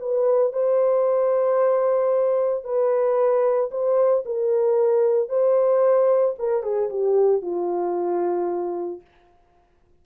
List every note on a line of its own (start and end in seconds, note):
0.00 0.53 B4
0.53 2.64 C5
2.64 3.70 B4
3.71 4.24 C5
4.26 5.29 A#4
5.29 6.35 C5
6.39 6.63 A#4
6.63 6.90 G#4
6.90 7.42 G4
7.42 9.01 F4